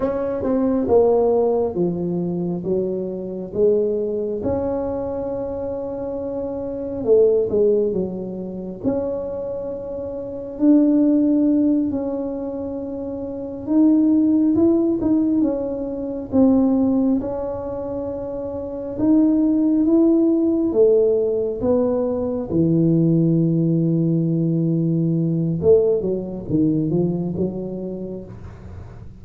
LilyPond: \new Staff \with { instrumentName = "tuba" } { \time 4/4 \tempo 4 = 68 cis'8 c'8 ais4 f4 fis4 | gis4 cis'2. | a8 gis8 fis4 cis'2 | d'4. cis'2 dis'8~ |
dis'8 e'8 dis'8 cis'4 c'4 cis'8~ | cis'4. dis'4 e'4 a8~ | a8 b4 e2~ e8~ | e4 a8 fis8 dis8 f8 fis4 | }